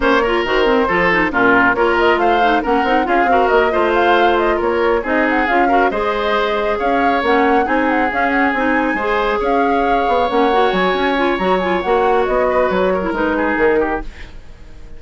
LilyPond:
<<
  \new Staff \with { instrumentName = "flute" } { \time 4/4 \tempo 4 = 137 cis''4 c''2 ais'4 | cis''8 dis''8 f''4 fis''4 f''4 | dis''4 f''4 dis''8 cis''4 dis''8 | fis''8 f''4 dis''2 f''8~ |
f''8 fis''4 gis''8 fis''8 f''8 fis''8 gis''8~ | gis''4. f''2 fis''8~ | fis''8 gis''4. ais''8 gis''8 fis''4 | dis''4 cis''4 b'4 ais'4 | }
  \new Staff \with { instrumentName = "oboe" } { \time 4/4 c''8 ais'4. a'4 f'4 | ais'4 c''4 ais'4 gis'8 ais'8~ | ais'8 c''2 ais'4 gis'8~ | gis'4 ais'8 c''2 cis''8~ |
cis''4. gis'2~ gis'8~ | gis'8 c''4 cis''2~ cis''8~ | cis''1~ | cis''8 b'4 ais'4 gis'4 g'8 | }
  \new Staff \with { instrumentName = "clarinet" } { \time 4/4 cis'8 f'8 fis'8 c'8 f'8 dis'8 cis'4 | f'4. dis'8 cis'8 dis'8 f'8 fis'8~ | fis'8 f'2. dis'8~ | dis'8 f'8 fis'8 gis'2~ gis'8~ |
gis'8 cis'4 dis'4 cis'4 dis'8~ | dis'8 gis'2. cis'8 | fis'4. f'8 fis'8 f'8 fis'4~ | fis'4.~ fis'16 e'16 dis'2 | }
  \new Staff \with { instrumentName = "bassoon" } { \time 4/4 ais4 dis4 f4 ais,4 | ais4 a4 ais8 c'8 cis'8 c'8 | ais8 a2 ais4 c'8~ | c'8 cis'4 gis2 cis'8~ |
cis'8 ais4 c'4 cis'4 c'8~ | c'8 gis4 cis'4. b8 ais8~ | ais8 fis8 cis'4 fis4 ais4 | b4 fis4 gis4 dis4 | }
>>